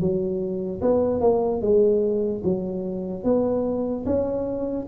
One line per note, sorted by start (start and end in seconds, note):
0.00 0.81 F#3
0.81 1.21 B3
1.21 1.61 A#3
1.61 2.42 G#3
2.44 3.24 F#3
3.24 4.05 B3
4.06 4.87 C#4